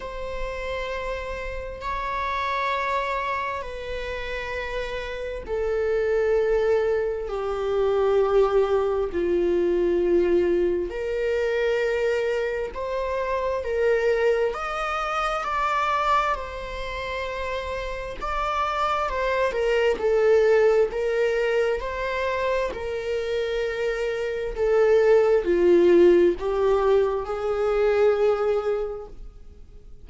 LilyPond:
\new Staff \with { instrumentName = "viola" } { \time 4/4 \tempo 4 = 66 c''2 cis''2 | b'2 a'2 | g'2 f'2 | ais'2 c''4 ais'4 |
dis''4 d''4 c''2 | d''4 c''8 ais'8 a'4 ais'4 | c''4 ais'2 a'4 | f'4 g'4 gis'2 | }